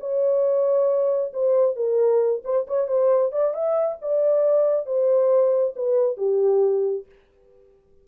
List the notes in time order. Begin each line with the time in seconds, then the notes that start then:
0.00 C#5
1.33 C5
1.76 A#4
2.44 C5
2.67 C#5
2.88 C5
3.32 D5
3.54 E5
4.02 D5
4.86 C5
5.76 B4
6.17 G4